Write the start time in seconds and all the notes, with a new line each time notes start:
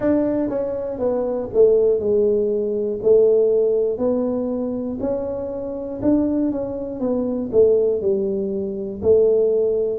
0.00 D4
0.49 C#4
0.99 B3
1.53 A3
1.99 G#3
3.02 A3
3.98 B3
5.00 C#4
6.01 D4
6.51 C#4
7.00 B3
7.52 A3
8.00 G3
9.02 A3